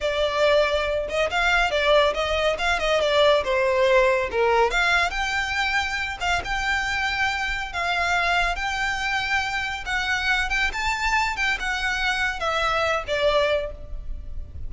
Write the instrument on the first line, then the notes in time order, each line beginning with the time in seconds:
violin
0.00 D5
1.08 D#5
1.30 F5
1.70 D5
2.14 D#5
2.58 F5
2.79 D#5
3.01 D5
3.43 C5
4.31 A#4
4.70 F5
5.10 G5
6.20 F5
6.44 G5
7.72 F5
8.55 G5
9.85 F#5
10.49 G5
10.73 A5
11.36 G5
11.59 F#5
12.39 E5
13.07 D5